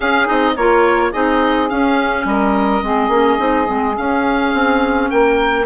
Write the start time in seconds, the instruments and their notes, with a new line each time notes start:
0.00 bassoon C#4, clarinet C#4, saxophone G#4, oboe F5
0.25 bassoon C4, clarinet D#4, oboe D#5
0.55 bassoon A#3, clarinet F4, saxophone A#4, oboe C#5
1.10 bassoon C4, clarinet D#4, saxophone G#4, oboe D#5
1.69 clarinet C#4, bassoon C#4, oboe F5
2.24 bassoon G3, saxophone A#4, oboe D#5
2.82 bassoon G#3, clarinet C4, saxophone G#4
3.08 bassoon A#3, clarinet C#4
3.38 bassoon C4, clarinet D#4
3.65 bassoon G#3, clarinet C4
3.96 clarinet C#4, bassoon C#4, oboe F5
4.53 bassoon C4
5.09 bassoon A#3, saxophone A#4, oboe G5